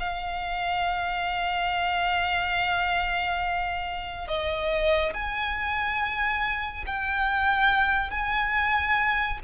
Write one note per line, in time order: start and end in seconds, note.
0.00 4.28 F5
4.28 5.14 D#5
5.14 6.85 G#5
6.86 8.11 G5
8.11 9.39 G#5